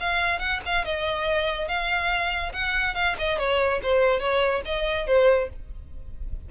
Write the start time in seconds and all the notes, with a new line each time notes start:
0.00 F5
0.39 F#5
0.65 F5
0.85 D#5
1.68 F5
2.53 F#5
2.95 F5
3.18 D#5
3.38 C#5
3.82 C5
4.20 C#5
4.65 D#5
5.07 C5